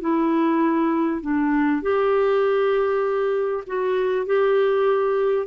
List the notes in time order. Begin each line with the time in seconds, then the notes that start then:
0.00 E4
1.21 D4
1.82 G4
3.67 F#4
4.26 G4